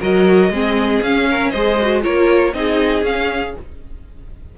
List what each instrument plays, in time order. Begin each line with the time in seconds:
0.00 cello F#3, viola F#4, violin A#4 D#5
0.50 cello G#3, viola C4, violin G#4
1.02 cello C#4, viola C#4, violin F5
1.31 violin A#4
1.51 cello G#3, viola G#4, violin C5 D#5
1.82 viola F#4
2.03 cello A#3, viola F4, violin A#4 C#5
2.54 cello C4, viola D#4, violin G#4 D#5
3.02 cello C#4, viola C#4, violin F5